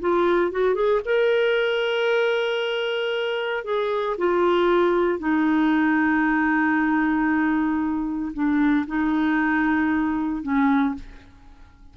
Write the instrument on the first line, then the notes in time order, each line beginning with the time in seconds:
clarinet
0.00 F4
0.51 F#4
0.74 G#4
1.05 A#4
3.64 G#4
4.18 F4
5.19 D#4
8.34 D4
8.87 D#4
10.43 C#4